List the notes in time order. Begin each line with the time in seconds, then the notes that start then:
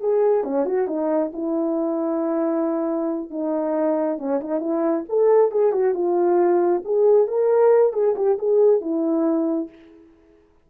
0.00 G#4
0.44 C#4
0.65 F#4
0.87 D#4
1.33 E4
3.30 D#4
4.18 C#4
4.40 D#4
4.60 E4
5.09 A4
5.51 G#4
5.72 F#4
5.94 F4
6.84 G#4
7.27 A#4
7.93 G#4
8.16 G4
8.38 G#4
8.81 E4